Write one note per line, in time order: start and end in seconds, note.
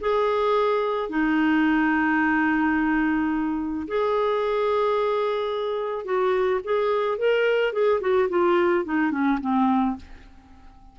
0.00 1.09 G#4
1.09 3.87 D#4
3.87 6.05 G#4
6.05 6.60 F#4
6.64 7.18 G#4
7.18 7.72 A#4
7.72 8.00 G#4
8.01 8.29 F#4
8.29 8.84 F4
8.84 9.11 D#4
9.11 9.39 C#4
9.41 9.96 C4